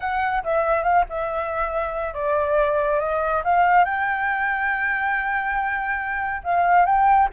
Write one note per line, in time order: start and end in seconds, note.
0.00 0.43 F#5
0.43 0.83 E5
0.83 1.04 F5
1.09 2.14 E5
2.14 2.99 D5
2.99 3.42 D#5
3.43 3.84 F5
3.84 6.41 G5
6.43 6.85 F5
6.85 7.28 G5